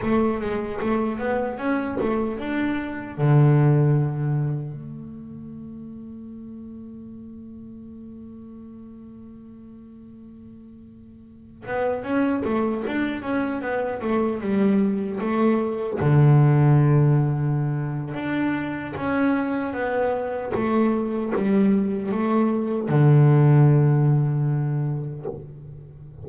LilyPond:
\new Staff \with { instrumentName = "double bass" } { \time 4/4 \tempo 4 = 76 a8 gis8 a8 b8 cis'8 a8 d'4 | d2 a2~ | a1~ | a2~ a8. b8 cis'8 a16~ |
a16 d'8 cis'8 b8 a8 g4 a8.~ | a16 d2~ d8. d'4 | cis'4 b4 a4 g4 | a4 d2. | }